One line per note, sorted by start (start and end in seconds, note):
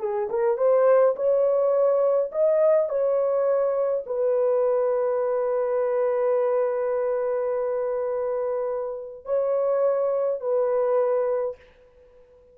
0.00 0.29 G#4
0.30 0.57 A#4
0.57 1.15 C5
1.16 2.31 C#5
2.32 2.89 D#5
2.89 4.04 C#5
4.06 9.25 B4
9.25 10.41 C#5
10.41 11.56 B4